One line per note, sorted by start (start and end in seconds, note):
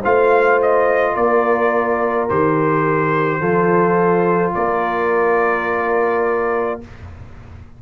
0.00 1.16 A3
0.00 2.29 F4
0.00 1.13 C5
0.00 0.61 F5
0.62 1.16 D#5
1.14 2.29 A#3
1.14 3.39 A#4
1.14 2.29 D5
2.29 3.40 D#3
2.29 3.41 G4
2.29 4.54 C5
3.39 4.54 F3
3.39 6.81 F4
3.39 4.53 A4
4.54 6.82 A#3
4.54 6.81 A#4
4.54 6.80 D5